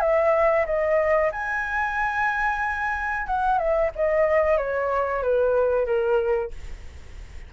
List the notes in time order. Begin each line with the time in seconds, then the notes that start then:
0.00 E5
0.66 D#5
1.32 G#5
3.26 F#5
3.58 E5
3.95 D#5
4.57 C#5
5.23 B4
5.85 A#4